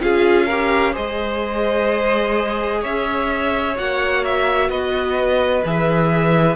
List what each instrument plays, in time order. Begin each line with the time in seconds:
0.00 cello C#4, viola F4, violin G#4 F5
0.46 viola G4, violin A#4
0.93 cello G#3, viola G#4, violin C5 D#5
2.81 cello C#4, violin C#5 E5
3.75 cello A#3, viola F#4, violin F#5
4.24 violin E5
4.69 cello B3, violin B4 D#5
5.65 cello E3, viola G#4, violin E5